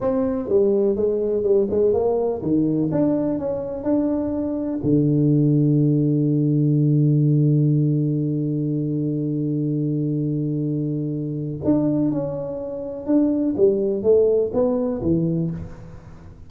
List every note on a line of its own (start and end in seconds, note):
0.00 0.48 C4
0.48 0.96 G3
0.96 1.43 G#3
1.43 1.67 G3
1.70 1.93 G#3
1.93 2.41 A#3
2.41 2.90 D#3
2.91 3.38 D4
3.38 3.83 C#4
3.83 4.80 D4
4.83 11.60 D3
11.64 12.11 D4
12.11 13.06 C#4
13.06 13.55 D4
13.57 14.02 G3
14.02 14.51 A3
14.53 15.01 B3
15.02 15.50 E3